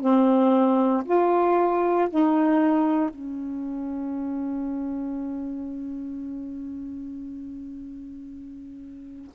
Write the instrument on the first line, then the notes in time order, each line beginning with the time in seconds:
saxophone
0.00 C4
1.05 F4
2.10 D#4
3.10 C#4